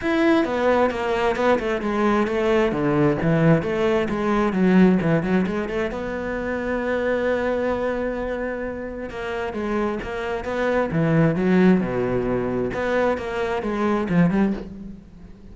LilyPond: \new Staff \with { instrumentName = "cello" } { \time 4/4 \tempo 4 = 132 e'4 b4 ais4 b8 a8 | gis4 a4 d4 e4 | a4 gis4 fis4 e8 fis8 | gis8 a8 b2.~ |
b1 | ais4 gis4 ais4 b4 | e4 fis4 b,2 | b4 ais4 gis4 f8 g8 | }